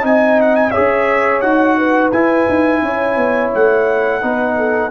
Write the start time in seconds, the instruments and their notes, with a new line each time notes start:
0.00 tuba C4, trombone D#4, horn D#5, trumpet G#5
0.41 trumpet F#5
0.56 trumpet G#5
0.70 trombone G#4, horn C#5, trumpet E5
0.77 tuba C#4
1.40 tuba D#4, trombone F#4, trumpet F#5
1.77 horn B4
2.11 tuba E4, trombone E4, trumpet G#5
2.49 tuba D#4
2.81 tuba C#4, horn C#5
3.16 tuba B3
3.54 tuba A3, trumpet F#5
4.21 tuba B3, trombone D#4, horn B4
4.57 horn A4